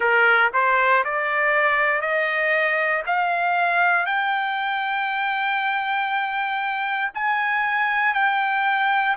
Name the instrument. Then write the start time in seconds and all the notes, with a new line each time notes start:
trumpet
0.00 A#4
0.53 C5
1.04 D5
2.01 D#5
3.06 F5
4.06 G5
7.14 G#5
8.14 G5